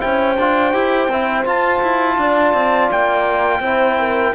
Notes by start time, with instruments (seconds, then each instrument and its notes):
0.00 cello C#4, trombone E4, horn C5, trumpet G5
0.39 cello D4, trombone F4
0.74 cello E4, trombone G4
1.09 cello C4, trombone E4
1.46 cello F4, trombone F4, trumpet A5
1.83 cello E4
2.18 cello D4, horn D5
2.54 cello C4
2.92 cello A#3, trumpet G5
3.60 cello C4, trombone E4, horn C5
3.99 horn A#4